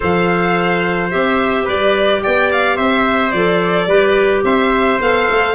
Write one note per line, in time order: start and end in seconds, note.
0.00 1.13 F3
0.00 1.11 A4
0.00 1.65 C5
0.00 1.10 F5
1.10 1.67 C4
1.10 3.33 G4
1.10 1.66 E5
1.65 2.23 G3
1.65 2.20 B4
1.65 2.22 D5
2.22 2.78 B3
2.22 2.76 D5
2.22 2.50 G5
2.52 2.76 F5
2.76 3.33 C4
2.76 3.87 C5
2.76 3.31 E5
3.31 3.86 F3
3.31 3.90 A4
3.31 4.42 D5
3.86 4.42 G3
3.86 5.00 G4
3.86 4.44 B4
4.43 4.99 C4
4.43 5.54 C5
4.43 5.00 E5
5.00 5.28 B3
5.00 5.54 A4
5.00 5.54 F5
5.29 5.54 A3